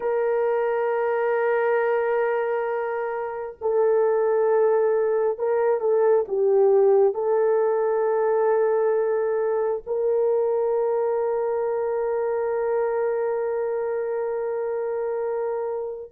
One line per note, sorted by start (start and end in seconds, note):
0.00 3.56 A#4
3.61 5.38 A4
5.38 5.80 A#4
5.80 6.24 A4
6.28 7.14 G4
7.14 9.82 A4
9.86 16.12 A#4